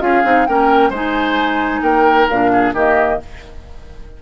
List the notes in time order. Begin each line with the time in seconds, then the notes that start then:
0.00 C#4 F4 G#4 F5
0.23 C4 D#4
0.46 A#3 C#4 A#4 G5
0.89 G#3 D#4 C5 G#5
1.82 A#3 A#4 G5
2.29 A#2 D4 F5
2.52 G#4
2.73 D#3 A#3 G4 D#5